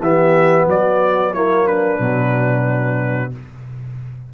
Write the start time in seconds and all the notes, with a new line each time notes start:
0.00 E3 B3 G4 E5
0.66 F#3 F#4 D5
1.33 A#3 E4 C#5
1.66 D4 B4
1.99 B2 F#3